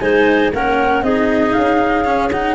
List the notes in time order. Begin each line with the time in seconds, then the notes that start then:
0.00 G#3 D#4 C5 G#5
0.53 A#3 C#4 A#4 F#5
1.02 C4 D#4 G#4 D#5
1.53 C#4 F5
2.05 C#4
2.31 D#4 F#5